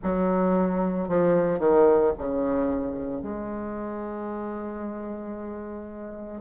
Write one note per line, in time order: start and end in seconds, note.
0.03 1.08 F#3
1.08 1.59 F3
1.59 2.12 D#3
2.18 3.21 C#3
3.21 6.40 G#3